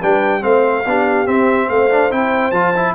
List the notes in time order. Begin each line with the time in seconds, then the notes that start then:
0.00 G3 D4 B4 G5
0.41 A3 C4 C5 F5
0.86 B3 D4 G4
1.27 C4 E5
1.68 A3 C5 F5
1.90 D4
2.11 C4 E4 G5
2.51 F3 F4 A5
2.76 E4